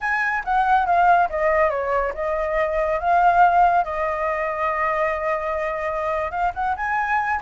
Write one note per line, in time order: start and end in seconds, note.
0.00 0.43 G#5
0.44 0.86 F#5
0.86 1.29 F5
1.29 1.70 D#5
1.70 2.13 C#5
2.14 2.99 D#5
2.99 3.84 F5
3.84 6.31 D#5
6.31 6.52 F5
6.54 6.76 F#5
6.76 7.40 G#5